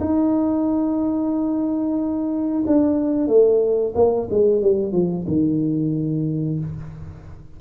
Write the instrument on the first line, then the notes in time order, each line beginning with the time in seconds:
tuba
0.00 D#4
2.66 D4
3.27 A3
3.95 A#3
4.30 G#3
4.61 G3
4.92 F3
5.27 D#3